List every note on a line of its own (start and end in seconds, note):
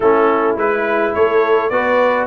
0.00 0.56 A3
0.00 0.57 C#4
0.00 1.13 E4
0.00 0.56 A4
0.56 1.13 G#3
0.56 1.71 E4
0.56 1.14 B4
1.14 1.70 A3
1.14 1.71 A4
1.14 1.69 C#5
1.69 2.26 B3
1.69 2.26 F#4
1.69 2.26 B4
1.69 2.26 D5